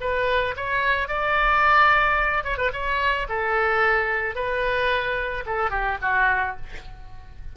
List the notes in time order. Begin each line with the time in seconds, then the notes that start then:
0.00 B4
0.56 C#5
1.08 D5
2.43 C#5
2.57 B4
2.72 C#5
3.28 A4
4.35 B4
5.46 A4
5.70 G4
6.01 F#4